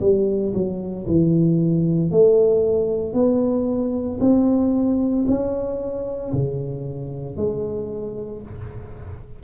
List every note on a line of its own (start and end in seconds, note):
0.00 0.53 G3
0.53 1.06 F#3
1.07 2.11 E3
2.11 3.13 A3
3.13 4.19 B3
4.20 5.25 C4
5.27 6.33 C#4
6.33 7.36 C#3
7.36 8.42 G#3